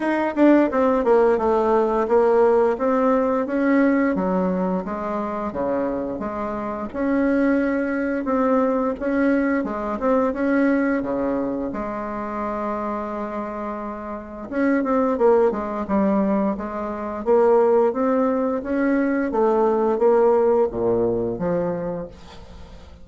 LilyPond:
\new Staff \with { instrumentName = "bassoon" } { \time 4/4 \tempo 4 = 87 dis'8 d'8 c'8 ais8 a4 ais4 | c'4 cis'4 fis4 gis4 | cis4 gis4 cis'2 | c'4 cis'4 gis8 c'8 cis'4 |
cis4 gis2.~ | gis4 cis'8 c'8 ais8 gis8 g4 | gis4 ais4 c'4 cis'4 | a4 ais4 ais,4 f4 | }